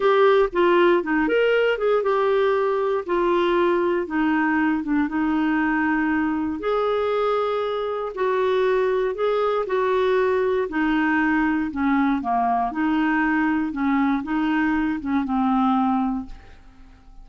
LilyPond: \new Staff \with { instrumentName = "clarinet" } { \time 4/4 \tempo 4 = 118 g'4 f'4 dis'8 ais'4 gis'8 | g'2 f'2 | dis'4. d'8 dis'2~ | dis'4 gis'2. |
fis'2 gis'4 fis'4~ | fis'4 dis'2 cis'4 | ais4 dis'2 cis'4 | dis'4. cis'8 c'2 | }